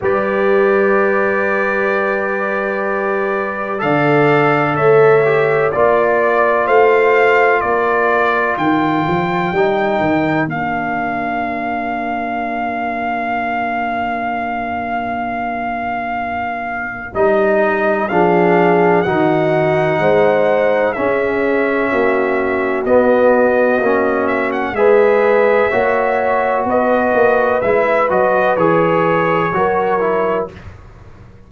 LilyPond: <<
  \new Staff \with { instrumentName = "trumpet" } { \time 4/4 \tempo 4 = 63 d''1 | f''4 e''4 d''4 f''4 | d''4 g''2 f''4~ | f''1~ |
f''2 dis''4 f''4 | fis''2 e''2 | dis''4. e''16 fis''16 e''2 | dis''4 e''8 dis''8 cis''2 | }
  \new Staff \with { instrumentName = "horn" } { \time 4/4 b'1 | d''4 cis''4 d''4 c''4 | ais'1~ | ais'1~ |
ais'2. gis'4 | fis'4 c''4 gis'4 fis'4~ | fis'2 b'4 cis''4 | b'2. ais'4 | }
  \new Staff \with { instrumentName = "trombone" } { \time 4/4 g'1 | a'4. g'8 f'2~ | f'2 dis'4 d'4~ | d'1~ |
d'2 dis'4 d'4 | dis'2 cis'2 | b4 cis'4 gis'4 fis'4~ | fis'4 e'8 fis'8 gis'4 fis'8 e'8 | }
  \new Staff \with { instrumentName = "tuba" } { \time 4/4 g1 | d4 a4 ais4 a4 | ais4 dis8 f8 g8 dis8 ais4~ | ais1~ |
ais2 g4 f4 | dis4 gis4 cis'4 ais4 | b4 ais4 gis4 ais4 | b8 ais8 gis8 fis8 e4 fis4 | }
>>